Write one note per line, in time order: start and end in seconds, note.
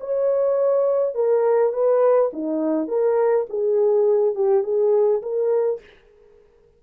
0.00 1.15 C#5
1.15 1.73 A#4
1.73 2.31 B4
2.33 2.88 D#4
2.88 3.46 A#4
3.50 4.35 G#4
4.35 4.63 G4
4.63 5.22 G#4
5.22 5.80 A#4